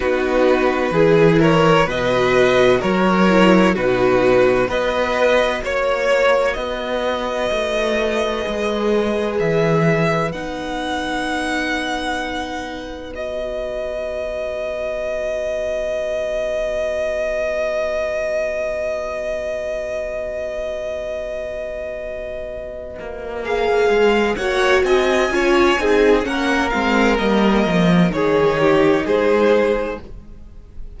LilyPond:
<<
  \new Staff \with { instrumentName = "violin" } { \time 4/4 \tempo 4 = 64 b'4. cis''8 dis''4 cis''4 | b'4 dis''4 cis''4 dis''4~ | dis''2 e''4 fis''4~ | fis''2 dis''2~ |
dis''1~ | dis''1~ | dis''4 f''4 fis''8 gis''4. | fis''8 f''8 dis''4 cis''4 c''4 | }
  \new Staff \with { instrumentName = "violin" } { \time 4/4 fis'4 gis'8 ais'8 b'4 ais'4 | fis'4 b'4 cis''4 b'4~ | b'1~ | b'1~ |
b'1~ | b'1~ | b'2 cis''8 dis''8 cis''8 gis'8 | ais'2 gis'8 g'8 gis'4 | }
  \new Staff \with { instrumentName = "viola" } { \time 4/4 dis'4 e'4 fis'4. e'8 | dis'4 fis'2.~ | fis'4 gis'2 dis'4~ | dis'2 fis'2~ |
fis'1~ | fis'1~ | fis'4 gis'4 fis'4 f'8 dis'8 | cis'8 c'8 ais4 dis'2 | }
  \new Staff \with { instrumentName = "cello" } { \time 4/4 b4 e4 b,4 fis4 | b,4 b4 ais4 b4 | a4 gis4 e4 b4~ | b1~ |
b1~ | b1~ | b8 ais4 gis8 ais8 c'8 cis'8 c'8 | ais8 gis8 g8 f8 dis4 gis4 | }
>>